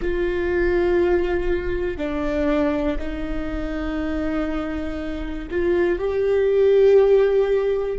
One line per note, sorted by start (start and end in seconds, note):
0.01 1.97 F4
1.97 2.97 D4
2.98 5.48 D#4
5.50 5.99 F4
5.99 7.98 G4